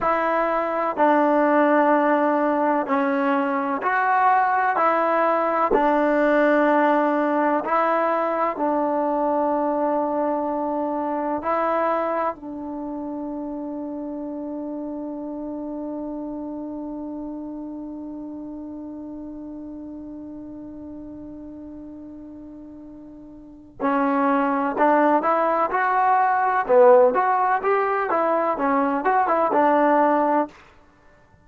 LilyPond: \new Staff \with { instrumentName = "trombone" } { \time 4/4 \tempo 4 = 63 e'4 d'2 cis'4 | fis'4 e'4 d'2 | e'4 d'2. | e'4 d'2.~ |
d'1~ | d'1~ | d'4 cis'4 d'8 e'8 fis'4 | b8 fis'8 g'8 e'8 cis'8 fis'16 e'16 d'4 | }